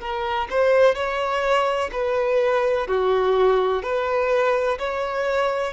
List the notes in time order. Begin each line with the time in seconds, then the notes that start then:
0.00 A#4
0.50 C5
0.95 C#5
1.92 B4
2.87 F#4
3.83 B4
4.79 C#5